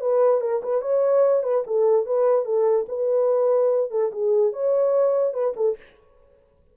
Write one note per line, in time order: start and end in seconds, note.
0.00 0.41 B4
0.41 0.61 A#4
0.62 0.81 B4
0.81 1.43 C#5
1.43 1.64 B4
1.66 2.06 A4
2.06 2.45 B4
2.45 2.86 A4
2.88 3.91 B4
3.91 4.11 A4
4.12 4.53 G#4
4.53 5.33 C#5
5.33 5.54 B4
5.56 5.76 A4